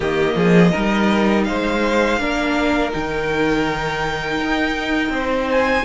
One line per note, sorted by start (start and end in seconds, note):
0.00 0.35 D#3
0.00 0.73 A#3
0.00 0.34 G4
0.00 1.43 D#5
0.35 0.71 F3
0.35 0.71 G#4
0.71 1.49 G3
0.71 2.19 D#4
0.71 1.45 A#4
1.43 2.19 G#3
1.43 2.19 C5
1.43 2.90 F5
2.19 2.92 A#3
2.19 2.90 D4
2.19 5.12 A#4
2.90 4.39 D#3
2.90 5.83 D#4
2.90 5.49 G5
4.39 5.09 D#4
5.09 5.82 C4
5.09 5.85 C5
5.51 5.85 G#5